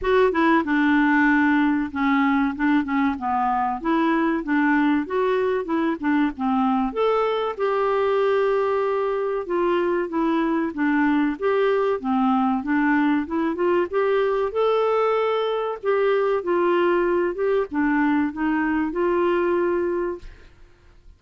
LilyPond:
\new Staff \with { instrumentName = "clarinet" } { \time 4/4 \tempo 4 = 95 fis'8 e'8 d'2 cis'4 | d'8 cis'8 b4 e'4 d'4 | fis'4 e'8 d'8 c'4 a'4 | g'2. f'4 |
e'4 d'4 g'4 c'4 | d'4 e'8 f'8 g'4 a'4~ | a'4 g'4 f'4. g'8 | d'4 dis'4 f'2 | }